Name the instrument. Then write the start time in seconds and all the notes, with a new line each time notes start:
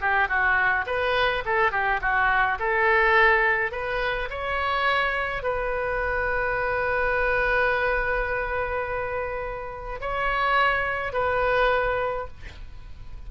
oboe
0.00 G4
0.28 F#4
0.86 B4
1.45 A4
1.71 G4
2.01 F#4
2.59 A4
3.71 B4
4.29 C#5
5.43 B4
10.00 C#5
11.12 B4